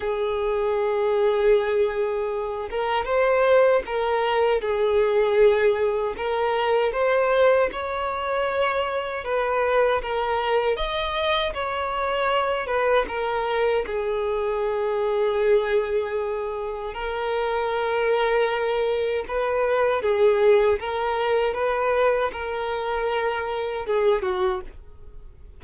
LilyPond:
\new Staff \with { instrumentName = "violin" } { \time 4/4 \tempo 4 = 78 gis'2.~ gis'8 ais'8 | c''4 ais'4 gis'2 | ais'4 c''4 cis''2 | b'4 ais'4 dis''4 cis''4~ |
cis''8 b'8 ais'4 gis'2~ | gis'2 ais'2~ | ais'4 b'4 gis'4 ais'4 | b'4 ais'2 gis'8 fis'8 | }